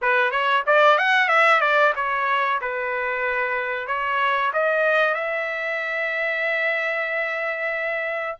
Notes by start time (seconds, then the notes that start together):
0.01 B4
0.31 C#5
0.66 D5
0.98 F#5
1.28 E5
1.60 D5
1.95 C#5
2.61 B4
3.87 C#5
4.53 D#5
5.14 E5